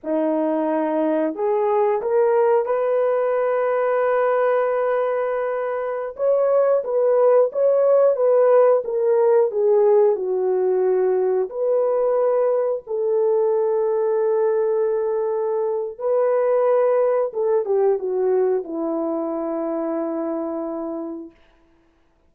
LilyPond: \new Staff \with { instrumentName = "horn" } { \time 4/4 \tempo 4 = 90 dis'2 gis'4 ais'4 | b'1~ | b'4~ b'16 cis''4 b'4 cis''8.~ | cis''16 b'4 ais'4 gis'4 fis'8.~ |
fis'4~ fis'16 b'2 a'8.~ | a'1 | b'2 a'8 g'8 fis'4 | e'1 | }